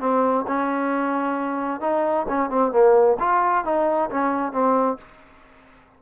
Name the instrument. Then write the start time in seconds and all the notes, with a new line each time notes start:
trombone
0.00 C4
0.48 C#4
1.81 D#4
2.29 C#4
2.50 C4
2.72 A#3
3.20 F4
3.65 D#4
4.11 C#4
4.52 C4